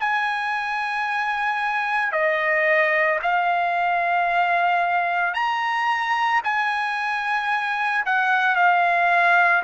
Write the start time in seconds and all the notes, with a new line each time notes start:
0.00 G#5
2.12 D#5
3.22 F5
5.34 A#5
6.44 G#5
8.06 F#5
8.55 F5